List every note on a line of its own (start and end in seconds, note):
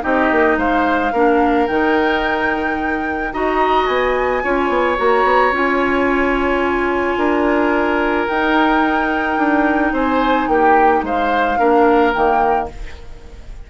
0.00 0.31 C4
0.00 1.10 D#4
0.00 0.57 G4
0.00 0.58 D#5
0.31 0.57 A#3
0.57 1.12 G#3
0.57 1.12 C5
0.57 1.67 F5
1.12 1.67 A#3
1.12 1.68 D4
1.12 3.32 A#4
1.67 3.32 D#3
1.67 3.32 D#4
1.67 3.32 G5
3.32 3.87 D#4
3.32 4.42 F#4
3.32 4.43 D#5
3.32 3.86 A#5
3.86 4.42 B3
3.86 4.96 G#5
4.42 4.69 C#4
4.42 4.96 F4
4.42 7.18 C#5
4.69 4.96 B3
4.96 5.24 A#3
4.96 5.51 F#4
4.96 5.53 A#5
5.24 5.51 B3
5.51 7.16 C#4
5.51 8.28 F4
5.51 8.28 G#5
7.16 8.26 D4
7.16 9.93 A#4
8.28 11.58 D#4
8.28 9.37 D#4
8.28 9.93 G5
9.37 9.92 D4
9.92 10.47 C4
9.92 10.48 C5
9.92 10.48 G#5
10.47 11.02 A#3
10.47 11.05 G4
10.47 11.03 G5
11.02 11.57 G#3
11.02 11.58 C5
11.02 12.13 F5
11.58 12.14 A#3
11.58 12.13 D4
11.58 12.68 A#4
12.13 12.70 D#3
12.13 12.68 A#3
12.13 12.68 G5